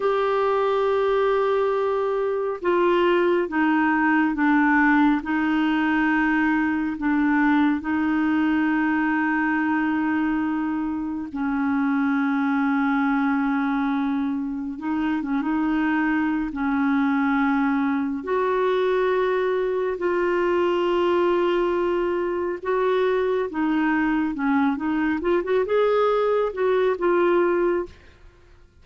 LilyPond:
\new Staff \with { instrumentName = "clarinet" } { \time 4/4 \tempo 4 = 69 g'2. f'4 | dis'4 d'4 dis'2 | d'4 dis'2.~ | dis'4 cis'2.~ |
cis'4 dis'8 cis'16 dis'4~ dis'16 cis'4~ | cis'4 fis'2 f'4~ | f'2 fis'4 dis'4 | cis'8 dis'8 f'16 fis'16 gis'4 fis'8 f'4 | }